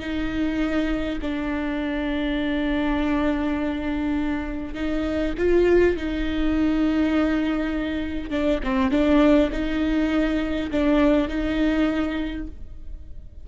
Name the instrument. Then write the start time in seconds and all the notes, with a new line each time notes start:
viola
0.00 D#4
1.22 D4
4.75 D#4
5.38 F4
5.97 D#4
8.30 D4
8.64 C4
8.91 D4
9.52 D#4
10.71 D4
11.28 D#4